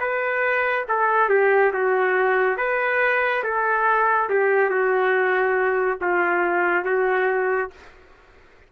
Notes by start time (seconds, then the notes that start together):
0.00 B4
0.88 A4
1.29 G4
1.73 F#4
2.58 B4
3.44 A4
4.30 G4
4.70 F#4
6.01 F4
6.85 F#4